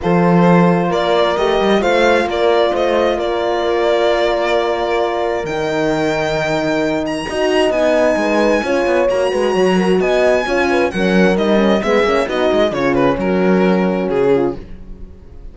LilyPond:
<<
  \new Staff \with { instrumentName = "violin" } { \time 4/4 \tempo 4 = 132 c''2 d''4 dis''4 | f''4 d''4 dis''4 d''4~ | d''1 | g''2.~ g''8 ais''8~ |
ais''4 gis''2. | ais''2 gis''2 | fis''4 dis''4 e''4 dis''4 | cis''8 b'8 ais'2 gis'4 | }
  \new Staff \with { instrumentName = "horn" } { \time 4/4 a'2 ais'2 | c''4 ais'4 c''4 ais'4~ | ais'1~ | ais'1 |
dis''2 b'4 cis''4~ | cis''8 b'8 cis''8 ais'8 dis''4 cis''8 b'8 | ais'2 gis'4 fis'4 | f'4 fis'2~ fis'8 f'8 | }
  \new Staff \with { instrumentName = "horn" } { \time 4/4 f'2. g'4 | f'1~ | f'1 | dis'1 |
fis'4 dis'2 f'4 | fis'2. f'4 | cis'4 dis'8 cis'8 b8 cis'8 dis'4 | cis'1 | }
  \new Staff \with { instrumentName = "cello" } { \time 4/4 f2 ais4 a8 g8 | a4 ais4 a4 ais4~ | ais1 | dis1 |
dis'4 b4 gis4 cis'8 b8 | ais8 gis8 fis4 b4 cis'4 | fis4 g4 gis8 ais8 b8 gis8 | cis4 fis2 cis4 | }
>>